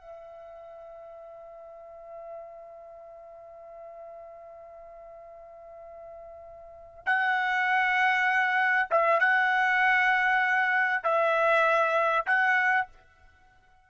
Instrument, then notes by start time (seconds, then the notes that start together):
trumpet
0.00 E5
7.06 F#5
8.91 E5
9.20 F#5
11.04 E5
12.26 F#5